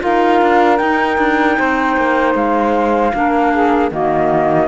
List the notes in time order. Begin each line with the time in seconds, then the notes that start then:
0.00 D#4 F4 A#4 F5
0.42 D4
0.77 D#4 G5
1.19 D4
1.58 C4 C5
1.97 A#3
2.35 G#3 F5
3.13 A#3 D4 A#4
3.52 G#4
3.91 D#3 A#3 F#4 D#5